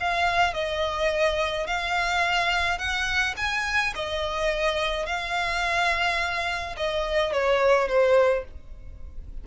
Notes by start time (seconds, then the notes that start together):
0.00 F5
0.54 D#5
1.67 F5
2.78 F#5
3.37 G#5
3.95 D#5
5.06 F5
6.77 D#5
7.33 C#5
7.88 C5